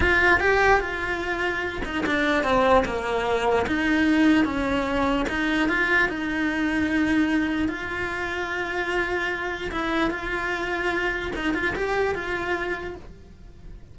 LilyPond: \new Staff \with { instrumentName = "cello" } { \time 4/4 \tempo 4 = 148 f'4 g'4 f'2~ | f'8 dis'8 d'4 c'4 ais4~ | ais4 dis'2 cis'4~ | cis'4 dis'4 f'4 dis'4~ |
dis'2. f'4~ | f'1 | e'4 f'2. | dis'8 f'8 g'4 f'2 | }